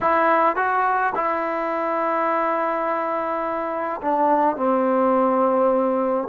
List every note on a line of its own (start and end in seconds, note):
0.01 0.56 E4
0.56 1.13 F#4
1.15 4.01 E4
4.01 4.56 D4
4.56 6.28 C4